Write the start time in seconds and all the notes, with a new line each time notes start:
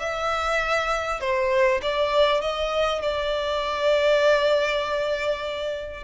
0.00 E5
1.20 C5
1.82 D5
2.41 D#5
3.02 D5